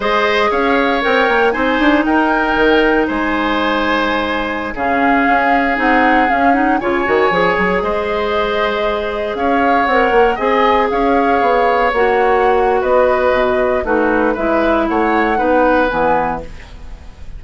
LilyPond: <<
  \new Staff \with { instrumentName = "flute" } { \time 4/4 \tempo 4 = 117 dis''4 f''4 g''4 gis''4 | g''2 gis''2~ | gis''4~ gis''16 f''2 fis''8.~ | fis''16 f''8 fis''8 gis''2 dis''8.~ |
dis''2~ dis''16 f''4 fis''8.~ | fis''16 gis''4 f''2 fis''8.~ | fis''4 dis''2 b'4 | e''4 fis''2 gis''4 | }
  \new Staff \with { instrumentName = "oboe" } { \time 4/4 c''4 cis''2 c''4 | ais'2 c''2~ | c''4~ c''16 gis'2~ gis'8.~ | gis'4~ gis'16 cis''2 c''8.~ |
c''2~ c''16 cis''4.~ cis''16~ | cis''16 dis''4 cis''2~ cis''8.~ | cis''4 b'2 fis'4 | b'4 cis''4 b'2 | }
  \new Staff \with { instrumentName = "clarinet" } { \time 4/4 gis'2 ais'4 dis'4~ | dis'1~ | dis'4~ dis'16 cis'2 dis'8.~ | dis'16 cis'8 dis'8 f'8 fis'8 gis'4.~ gis'16~ |
gis'2.~ gis'16 ais'8.~ | ais'16 gis'2. fis'8.~ | fis'2. dis'4 | e'2 dis'4 b4 | }
  \new Staff \with { instrumentName = "bassoon" } { \time 4/4 gis4 cis'4 c'8 ais8 c'8 d'8 | dis'4 dis4 gis2~ | gis4~ gis16 cis4 cis'4 c'8.~ | c'16 cis'4 cis8 dis8 f8 fis8 gis8.~ |
gis2~ gis16 cis'4 c'8 ais16~ | ais16 c'4 cis'4 b4 ais8.~ | ais4 b4 b,4 a4 | gis4 a4 b4 e4 | }
>>